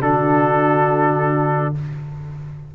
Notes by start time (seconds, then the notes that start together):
0.00 D3 D4 F#4 A4